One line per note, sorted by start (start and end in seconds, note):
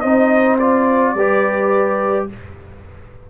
0.00 1.14 C4
0.00 0.59 D#4
0.00 1.13 C5
0.00 0.56 D#5
0.59 1.16 F4
0.59 2.25 D5
1.14 2.25 G3
1.14 2.29 G4
1.14 2.27 B4